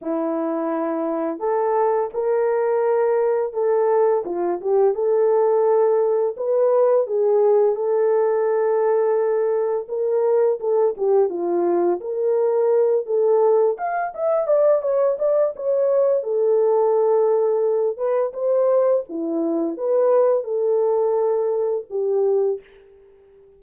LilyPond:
\new Staff \with { instrumentName = "horn" } { \time 4/4 \tempo 4 = 85 e'2 a'4 ais'4~ | ais'4 a'4 f'8 g'8 a'4~ | a'4 b'4 gis'4 a'4~ | a'2 ais'4 a'8 g'8 |
f'4 ais'4. a'4 f''8 | e''8 d''8 cis''8 d''8 cis''4 a'4~ | a'4. b'8 c''4 e'4 | b'4 a'2 g'4 | }